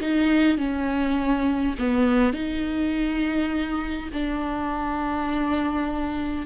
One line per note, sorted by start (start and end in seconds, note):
0.00 0.57 D#4
0.57 1.75 C#4
1.79 2.33 B3
2.33 4.10 D#4
4.13 6.46 D4